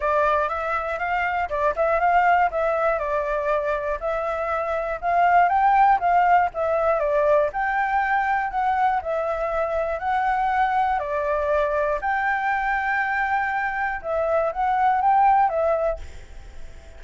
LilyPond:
\new Staff \with { instrumentName = "flute" } { \time 4/4 \tempo 4 = 120 d''4 e''4 f''4 d''8 e''8 | f''4 e''4 d''2 | e''2 f''4 g''4 | f''4 e''4 d''4 g''4~ |
g''4 fis''4 e''2 | fis''2 d''2 | g''1 | e''4 fis''4 g''4 e''4 | }